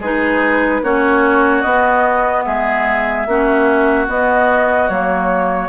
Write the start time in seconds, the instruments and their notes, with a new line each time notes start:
0.00 bassoon G#3, clarinet D#4, oboe G#4, flute B4
0.83 bassoon A#3, clarinet C#4, oboe F#4, flute C#5
1.62 bassoon B3, clarinet B3, flute D#5
2.45 bassoon G#3, oboe G#4, flute E5
3.27 bassoon A#3, clarinet C#4, oboe F#4
4.08 clarinet B3, bassoon B3, flute D#5
4.89 bassoon F#3, clarinet A#3, flute C#5